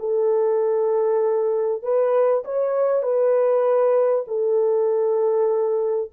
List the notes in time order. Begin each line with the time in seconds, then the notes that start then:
0.00 A4
1.83 B4
2.45 C#5
3.03 B4
4.28 A4